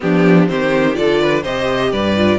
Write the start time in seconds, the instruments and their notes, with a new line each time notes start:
0.00 cello F3, viola B3, violin D4 G4
0.47 cello D#3, viola C4, violin G4 C5
0.94 cello D3, viola F4, violin A4 D5
1.20 violin B4
1.42 cello C3, viola G4, violin C5 D#5
1.91 cello G2, violin B4 D5
2.16 viola F4